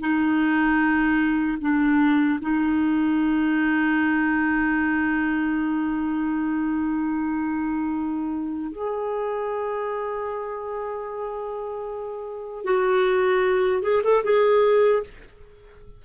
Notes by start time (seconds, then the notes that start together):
0.00 D#4
1.60 D4
2.41 D#4
8.72 G#4
12.64 F#4
13.82 G#4
14.03 A4
14.24 G#4